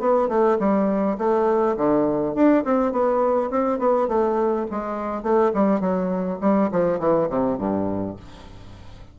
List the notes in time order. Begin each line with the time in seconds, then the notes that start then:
0.00 B3
0.29 A3
0.60 G3
1.18 A3
1.77 D3
2.35 D4
2.65 C4
2.92 B3
3.51 C4
3.79 B3
4.08 A3
4.71 G#3
5.23 A3
5.54 G3
5.81 F#3
6.41 G3
6.72 F3
7.00 E3
7.30 C3
7.58 G2